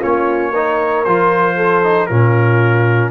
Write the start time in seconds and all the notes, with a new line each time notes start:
0.00 A#3 C#4 F4 C#5
0.53 D#4 A#4
1.05 F3 F4 C5
1.57 A4
1.84 D#4
2.07 A#2 C#4 F4 A#4